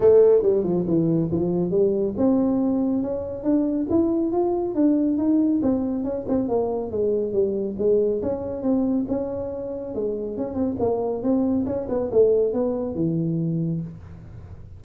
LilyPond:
\new Staff \with { instrumentName = "tuba" } { \time 4/4 \tempo 4 = 139 a4 g8 f8 e4 f4 | g4 c'2 cis'4 | d'4 e'4 f'4 d'4 | dis'4 c'4 cis'8 c'8 ais4 |
gis4 g4 gis4 cis'4 | c'4 cis'2 gis4 | cis'8 c'8 ais4 c'4 cis'8 b8 | a4 b4 e2 | }